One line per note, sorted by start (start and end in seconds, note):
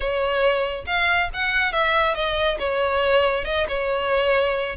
0.00 0.85 C#5
0.86 1.29 F5
1.33 1.72 F#5
1.72 2.14 E5
2.14 2.58 D#5
2.59 3.44 C#5
3.44 3.66 D#5
3.68 4.76 C#5